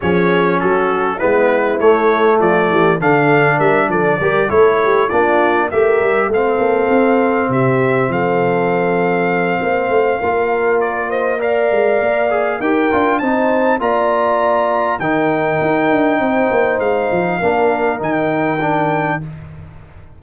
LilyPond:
<<
  \new Staff \with { instrumentName = "trumpet" } { \time 4/4 \tempo 4 = 100 cis''4 a'4 b'4 cis''4 | d''4 f''4 e''8 d''4 cis''8~ | cis''8 d''4 e''4 f''4.~ | f''8 e''4 f''2~ f''8~ |
f''2 d''8 dis''8 f''4~ | f''4 g''4 a''4 ais''4~ | ais''4 g''2. | f''2 g''2 | }
  \new Staff \with { instrumentName = "horn" } { \time 4/4 gis'4 fis'4 e'2 | f'8 g'8 a'4 ais'8 a'8 ais'8 a'8 | g'8 f'4 ais'4 a'4.~ | a'8 g'4 a'2~ a'8 |
c''4 ais'4. c''8 d''4~ | d''4 ais'4 c''4 d''4~ | d''4 ais'2 c''4~ | c''4 ais'2. | }
  \new Staff \with { instrumentName = "trombone" } { \time 4/4 cis'2 b4 a4~ | a4 d'2 g'8 e'8~ | e'8 d'4 g'4 c'4.~ | c'1~ |
c'4 f'2 ais'4~ | ais'8 gis'8 g'8 f'8 dis'4 f'4~ | f'4 dis'2.~ | dis'4 d'4 dis'4 d'4 | }
  \new Staff \with { instrumentName = "tuba" } { \time 4/4 f4 fis4 gis4 a4 | f8 e8 d4 g8 f8 g8 a8~ | a8 ais4 a8 g8 a8 ais8 c'8~ | c'8 c4 f2~ f8 |
ais8 a8 ais2~ ais8 gis8 | ais4 dis'8 d'8 c'4 ais4~ | ais4 dis4 dis'8 d'8 c'8 ais8 | gis8 f8 ais4 dis2 | }
>>